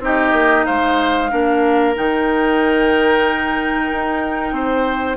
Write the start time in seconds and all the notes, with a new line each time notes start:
0.00 C4 D#4 G4 D#5
0.32 A#3
0.65 G#3 C5 F5
1.30 A#3 D4 A#4
1.94 D#3 D#4 G5
3.92 D#4
4.52 C4 C5